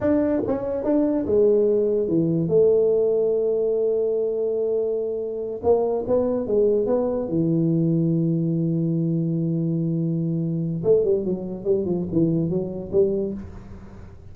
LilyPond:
\new Staff \with { instrumentName = "tuba" } { \time 4/4 \tempo 4 = 144 d'4 cis'4 d'4 gis4~ | gis4 e4 a2~ | a1~ | a4. ais4 b4 gis8~ |
gis8 b4 e2~ e8~ | e1~ | e2 a8 g8 fis4 | g8 f8 e4 fis4 g4 | }